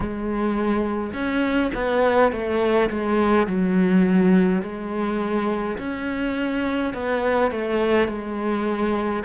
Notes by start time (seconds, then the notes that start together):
0.00 G#3
1.13 C#4
1.74 B3
2.31 A3
2.90 G#3
3.46 F#3
4.62 G#3
5.77 C#4
6.93 B3
7.51 A3
8.08 G#3